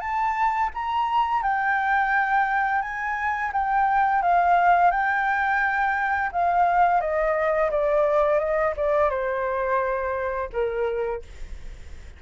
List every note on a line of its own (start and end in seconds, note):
0.00 0.70 A5
0.74 1.42 A#5
1.42 2.82 G5
2.82 3.51 G#5
3.52 4.22 G5
4.22 4.91 F5
4.91 6.30 G5
6.32 7.00 F5
7.00 7.70 D#5
7.71 8.39 D5
8.39 8.74 D#5
8.76 9.10 D5
9.10 10.49 C5
10.52 11.22 A#4